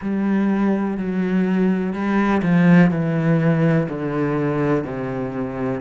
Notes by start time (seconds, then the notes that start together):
0.01 G3
0.97 F#3
1.93 G3
2.42 F3
2.90 E3
3.88 D3
4.83 C3